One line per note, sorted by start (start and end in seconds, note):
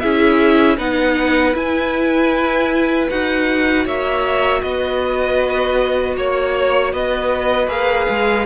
0.00 0.78 C#4
0.00 0.79 E4
0.00 0.77 G#4
0.00 0.77 E5
0.77 1.55 B3
0.77 1.54 D#4
0.77 3.85 B4
0.77 1.56 F#5
1.54 3.08 E4
1.54 3.09 E4
1.54 3.09 G#5
3.09 3.85 D#4
3.09 7.68 F#4
3.09 3.86 F#5
3.85 4.62 A#3
3.85 4.62 C#5
3.85 4.62 E5
4.62 6.16 B3
4.62 6.16 B4
4.62 6.16 D#5
6.16 6.93 A#3
6.16 6.93 C#5
6.93 7.68 B3
6.93 8.46 B4
6.93 7.69 D#5
7.68 8.06 A#3
7.68 8.45 G#4
7.68 8.46 F5
8.09 8.46 G#3